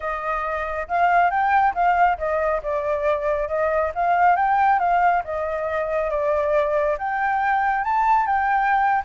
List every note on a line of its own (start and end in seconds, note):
0.00 0.87 D#5
0.88 1.30 F5
1.30 1.73 G5
1.74 2.17 F5
2.18 2.61 D#5
2.62 3.48 D5
3.48 3.91 D#5
3.94 4.36 F5
4.36 4.79 G5
4.79 5.22 F5
5.24 6.10 D#5
6.10 6.97 D5
6.98 7.84 G5
7.84 8.26 A5
8.26 9.02 G5